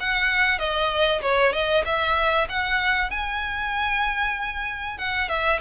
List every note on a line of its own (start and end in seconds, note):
0.00 0.59 F#5
0.59 1.21 D#5
1.22 1.53 C#5
1.53 1.84 D#5
1.85 2.48 E5
2.49 3.11 F#5
3.11 4.98 G#5
4.98 5.29 F#5
5.29 5.60 E5